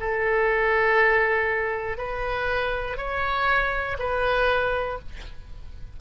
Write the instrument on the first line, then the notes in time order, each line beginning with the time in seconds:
oboe
0.00 A4
1.98 B4
2.97 C#5
3.99 B4